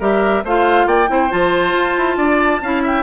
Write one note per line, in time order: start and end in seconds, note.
0.00 0.44 G3
0.00 0.44 G4
0.00 0.43 A#4
0.00 0.45 E5
0.44 0.86 A3
0.44 1.08 F4
0.44 0.87 C5
0.44 0.88 F5
0.86 1.08 A#3
0.86 1.09 D5
0.86 1.32 G5
1.08 1.31 C4
1.08 1.29 E4
1.08 2.18 C5
1.30 1.73 F3
1.30 2.60 F4
1.30 2.84 A5
1.73 1.95 F4
1.97 2.17 E4
2.17 2.60 D4
2.17 2.61 D5
2.61 3.03 C#4
2.61 3.03 E4
2.61 2.83 F5
2.83 3.03 E5
2.83 3.03 G5